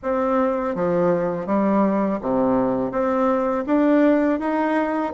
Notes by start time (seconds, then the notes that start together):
0.02 C4
0.75 F3
1.46 G3
2.21 C3
2.91 C4
3.66 D4
4.39 D#4